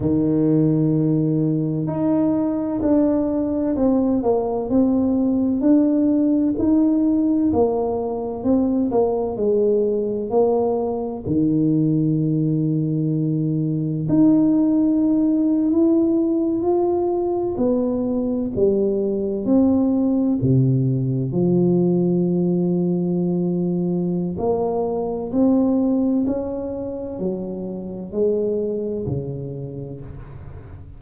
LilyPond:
\new Staff \with { instrumentName = "tuba" } { \time 4/4 \tempo 4 = 64 dis2 dis'4 d'4 | c'8 ais8 c'4 d'4 dis'4 | ais4 c'8 ais8 gis4 ais4 | dis2. dis'4~ |
dis'8. e'4 f'4 b4 g16~ | g8. c'4 c4 f4~ f16~ | f2 ais4 c'4 | cis'4 fis4 gis4 cis4 | }